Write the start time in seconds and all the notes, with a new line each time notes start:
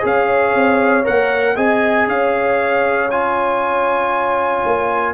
0.00 C#4 G#4 F5
0.07 C#5
0.54 C4
1.04 A#3 A#4 F#5
1.56 C4 G#4 D#5 G#5
2.07 C#4 C#5 F5
3.10 F4 G#5
4.65 A#3